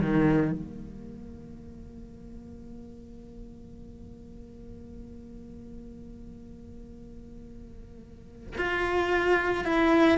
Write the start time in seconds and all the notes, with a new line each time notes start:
0.00 D#3
0.52 A#3
8.58 F4
9.65 E4